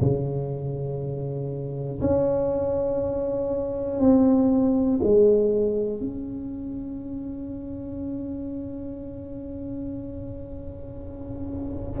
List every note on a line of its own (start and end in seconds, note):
0.00 2.00 C#3
2.01 4.00 C#4
4.00 5.00 C4
5.03 6.00 G#3
6.00 12.00 C#4